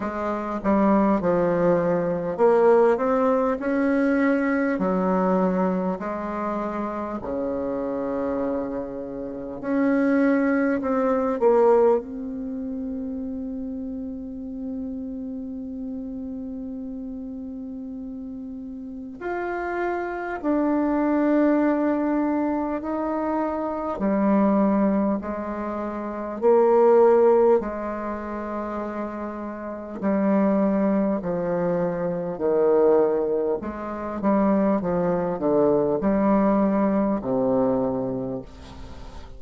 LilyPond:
\new Staff \with { instrumentName = "bassoon" } { \time 4/4 \tempo 4 = 50 gis8 g8 f4 ais8 c'8 cis'4 | fis4 gis4 cis2 | cis'4 c'8 ais8 c'2~ | c'1 |
f'4 d'2 dis'4 | g4 gis4 ais4 gis4~ | gis4 g4 f4 dis4 | gis8 g8 f8 d8 g4 c4 | }